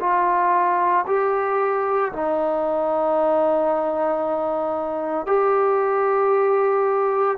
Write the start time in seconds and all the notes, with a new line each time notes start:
0.00 F4
1.07 G4
2.12 D#4
5.26 G4